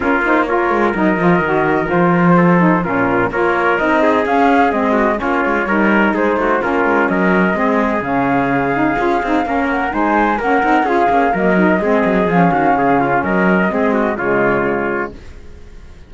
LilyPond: <<
  \new Staff \with { instrumentName = "flute" } { \time 4/4 \tempo 4 = 127 ais'8 c''8 cis''4 dis''2 | c''2 ais'4 cis''4 | dis''4 f''4 dis''4 cis''4~ | cis''4 c''4 ais'4 dis''4~ |
dis''4 f''2.~ | f''8 fis''8 gis''4 fis''4 f''4 | dis''2 f''2 | dis''2 cis''2 | }
  \new Staff \with { instrumentName = "trumpet" } { \time 4/4 f'4 ais'2.~ | ais'4 a'4 f'4 ais'4~ | ais'8 gis'2 fis'8 f'4 | ais'4 gis'8 fis'8 f'4 ais'4 |
gis'1 | ais'4 c''4 ais'4 gis'4 | ais'4 gis'4. fis'8 gis'8 f'8 | ais'4 gis'8 fis'8 f'2 | }
  \new Staff \with { instrumentName = "saxophone" } { \time 4/4 cis'8 dis'8 f'4 dis'8 f'8 fis'4 | f'4. dis'8 cis'4 f'4 | dis'4 cis'4 c'4 cis'4 | dis'2 cis'2 |
c'4 cis'4. dis'8 f'8 dis'8 | cis'4 dis'4 cis'8 dis'8 f'8 cis'8 | ais8 dis'8 c'4 cis'2~ | cis'4 c'4 gis2 | }
  \new Staff \with { instrumentName = "cello" } { \time 4/4 ais4. gis8 fis8 f8 dis4 | f2 ais,4 ais4 | c'4 cis'4 gis4 ais8 gis8 | g4 gis8 a8 ais8 gis8 fis4 |
gis4 cis2 cis'8 c'8 | ais4 gis4 ais8 c'8 cis'8 ais8 | fis4 gis8 fis8 f8 dis8 cis4 | fis4 gis4 cis2 | }
>>